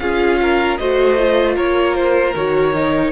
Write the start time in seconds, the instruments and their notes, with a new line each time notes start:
0.00 cello C#4, viola F4, violin G#4 F5
0.42 violin A#4
0.78 cello A3, viola F#4, violin C5 D#5
1.18 viola F4
1.56 cello A#3, violin A#4 C#5
1.95 violin C5
2.35 cello D#3, viola F#4, violin C#5
2.74 viola D#4